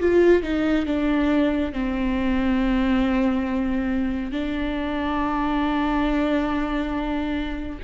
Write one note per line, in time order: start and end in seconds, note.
0.00 0.43 F4
0.43 0.86 D#4
0.86 1.73 D4
1.73 4.31 C4
4.31 7.79 D4